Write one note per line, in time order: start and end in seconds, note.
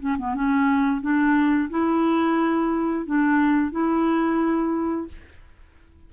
0.00 0.17 C#4
0.18 0.35 B3
0.35 1.02 C#4
1.02 1.70 D4
1.70 3.06 E4
3.06 3.72 D4
3.72 5.08 E4